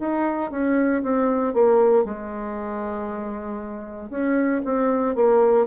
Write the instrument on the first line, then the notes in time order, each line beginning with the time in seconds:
bassoon
0.00 D#4
0.51 C#4
1.03 C4
1.54 A#3
2.05 G#3
4.10 C#4
4.65 C4
5.16 A#3